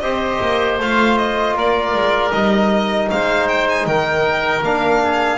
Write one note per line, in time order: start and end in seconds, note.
0.00 0.40 C4
0.00 0.79 G4
0.00 1.56 C5
0.00 0.77 D#5
0.41 0.79 A#3
0.79 1.55 A3
0.79 2.32 F4
0.79 1.18 F5
1.18 1.56 D#5
1.55 1.93 A#3
1.55 3.10 A#4
1.55 2.32 D5
1.94 2.32 G#3
2.32 3.11 G3
2.32 4.62 D#4
2.32 3.09 D#5
3.11 3.86 G#3
3.11 3.88 C5
3.11 3.48 F5
3.48 3.67 G5
3.69 3.86 G#5
3.86 4.62 D#3
3.86 5.03 A#4
3.86 4.63 G5
4.62 5.38 A#3
4.62 5.38 D4
4.62 5.38 F5
5.04 5.38 G#4